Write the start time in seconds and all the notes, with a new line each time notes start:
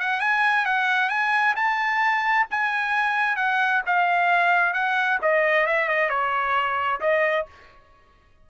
0.00 F#5
0.20 G#5
0.65 F#5
1.10 G#5
1.56 A5
2.51 G#5
3.37 F#5
3.86 F5
4.73 F#5
5.22 D#5
5.67 E5
5.89 D#5
6.10 C#5
7.01 D#5